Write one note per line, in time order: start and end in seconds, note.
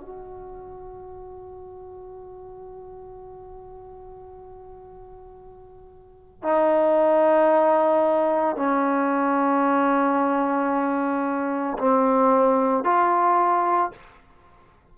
0.00 6.43 F#4
6.43 8.56 D#4
8.56 11.78 C#4
11.79 12.84 C4
12.84 13.91 F4